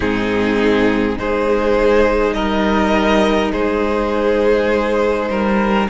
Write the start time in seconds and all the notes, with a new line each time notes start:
0.00 G#2 C4 D#4 G#4
1.17 G#3 D#4 G#4 C5
2.33 G3 A#4 D#5
3.51 G#3 G#4 C5
5.29 G3 A#4